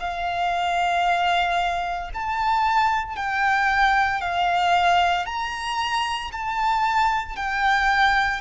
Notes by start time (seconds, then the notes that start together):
0.00 F5
2.14 A5
3.16 G5
4.21 F5
5.26 A#5
6.32 A5
7.36 G5